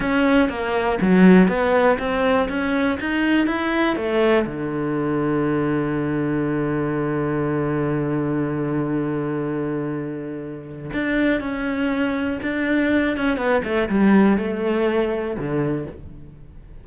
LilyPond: \new Staff \with { instrumentName = "cello" } { \time 4/4 \tempo 4 = 121 cis'4 ais4 fis4 b4 | c'4 cis'4 dis'4 e'4 | a4 d2.~ | d1~ |
d1~ | d2 d'4 cis'4~ | cis'4 d'4. cis'8 b8 a8 | g4 a2 d4 | }